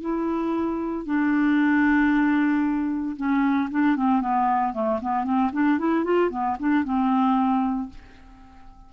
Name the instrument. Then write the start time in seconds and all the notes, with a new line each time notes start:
clarinet
0.00 E4
1.06 D4
3.16 C#4
3.70 D4
3.96 C4
4.21 B3
4.73 A3
5.01 B3
5.24 C4
5.52 D4
5.78 E4
6.04 F4
6.30 B3
6.59 D4
6.84 C4